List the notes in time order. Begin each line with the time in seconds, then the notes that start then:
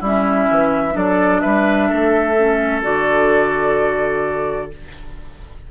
0.00 G3 C#4 E4 E5
0.51 E3
0.93 F#3 D4 A4 D5
1.41 G3 B4 E5
1.89 A3 A4
2.38 C#4
2.83 D3 F#4 D5